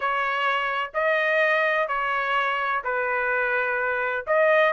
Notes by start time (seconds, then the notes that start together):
0.00 C#5
0.94 D#5
1.88 C#5
2.84 B4
4.26 D#5